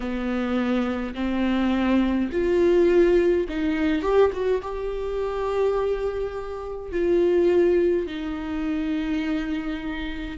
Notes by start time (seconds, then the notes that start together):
0.00 B3
1.14 C4
2.31 F4
3.48 D#4
4.01 G4
4.33 F#4
4.62 G4
6.91 F4
8.07 D#4